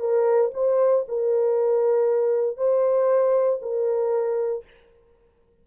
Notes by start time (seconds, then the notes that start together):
0.00 A#4
0.54 C5
1.09 A#4
2.57 C5
3.62 A#4